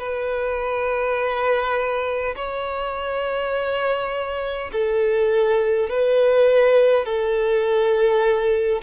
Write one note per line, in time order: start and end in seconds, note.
0.00 2.35 B4
2.36 4.72 C#5
4.73 5.90 A4
5.90 7.05 B4
7.05 8.82 A4